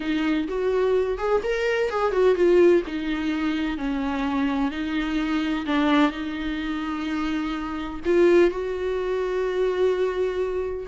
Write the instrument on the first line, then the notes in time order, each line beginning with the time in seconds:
viola
0.00 D#4
0.47 F#4
1.17 G#4
1.43 A#4
1.90 G#4
2.12 F#4
2.35 F4
2.86 D#4
3.77 C#4
4.71 D#4
5.65 D4
6.11 D#4
8.05 F4
8.50 F#4